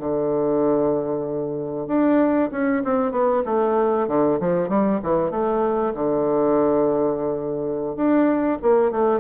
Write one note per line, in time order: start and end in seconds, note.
0.00 1.88 D3
1.88 2.50 D4
2.52 2.83 C#4
2.85 3.12 C4
3.12 3.43 B3
3.46 4.08 A3
4.08 4.39 D3
4.40 4.69 F3
4.69 5.00 G3
5.03 5.31 E3
5.31 5.94 A3
5.95 7.96 D3
7.96 8.59 D4
8.62 8.91 A#3
8.91 9.20 A3